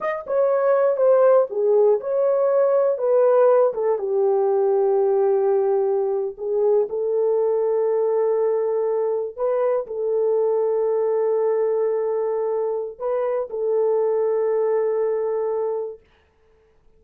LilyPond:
\new Staff \with { instrumentName = "horn" } { \time 4/4 \tempo 4 = 120 dis''8 cis''4. c''4 gis'4 | cis''2 b'4. a'8 | g'1~ | g'8. gis'4 a'2~ a'16~ |
a'2~ a'8. b'4 a'16~ | a'1~ | a'2 b'4 a'4~ | a'1 | }